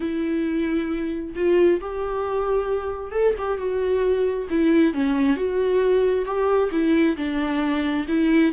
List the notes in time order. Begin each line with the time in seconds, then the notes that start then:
0.00 E4
1.35 F4
1.81 G4
3.11 A4
3.38 G4
3.57 F#4
4.50 E4
4.93 C#4
5.36 F#4
6.25 G4
6.71 E4
7.16 D4
8.08 E4